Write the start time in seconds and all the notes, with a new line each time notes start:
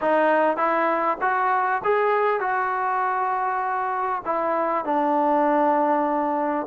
0.01 D#4
0.56 E4
1.21 F#4
1.84 G#4
2.40 F#4
4.25 E4
4.85 D4